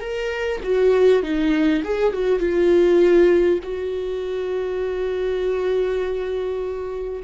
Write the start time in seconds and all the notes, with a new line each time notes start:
0.00 A#4
0.63 F#4
1.23 D#4
1.84 G#4
2.13 F#4
2.39 F4
3.63 F#4